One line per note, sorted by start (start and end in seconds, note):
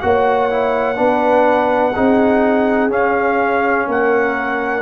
0.00 0.99 A#3
0.00 0.50 F#4
0.00 0.98 C#5
0.00 2.90 F#5
0.50 0.96 E4
0.96 1.95 B3
0.96 1.92 D4
0.96 1.94 B4
1.94 2.90 C4
1.94 2.90 D#4
1.94 3.87 G#4
2.90 4.82 C#4
2.90 3.87 C#4
2.90 3.89 F5
3.87 4.82 A#3
3.87 4.82 A#4
3.87 4.82 F#5